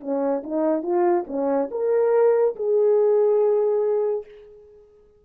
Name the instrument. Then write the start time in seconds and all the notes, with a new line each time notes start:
horn
0.00 C#4
0.43 D#4
0.83 F4
1.27 C#4
1.71 A#4
2.55 G#4